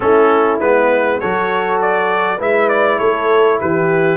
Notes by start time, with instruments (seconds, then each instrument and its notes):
0.00 tuba A3, trombone C#4, horn E4, trumpet A4
0.59 tuba G#3, trombone B3, trumpet B4
1.20 tuba F#3, trombone F#4, horn A4, trumpet C#5
1.81 trumpet D5
2.37 tuba G#3, trombone E4, horn B4, trumpet E5
2.68 trumpet D5
2.98 tuba A3, horn A4, trumpet C#5
3.60 tuba E3, horn G4, trumpet B4